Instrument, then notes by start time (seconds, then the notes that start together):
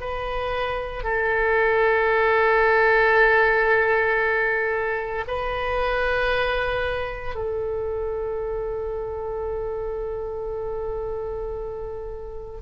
oboe
0.00 B4
1.04 A4
5.27 B4
7.35 A4